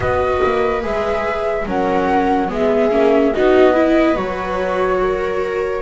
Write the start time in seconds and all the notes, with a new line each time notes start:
0.00 B3 F#4 B4 D#5
0.44 A#3
0.82 G#3 G#4 E5
1.66 F#3 C#4 A#4 F#5
2.48 G#3 B3 G#4 E5
2.90 A#3 C#4
3.33 B3 D#4 F#4 D#5
3.72 E4 B4
4.15 F#3 F#4 C#5
5.01 A#4